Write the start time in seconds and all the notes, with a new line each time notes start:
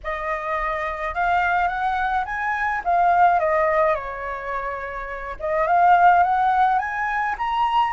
0.03 D#5
1.14 F5
1.67 F#5
2.25 G#5
2.84 F5
3.39 D#5
3.95 C#5
5.39 D#5
5.67 F5
6.23 F#5
6.78 G#5
7.38 A#5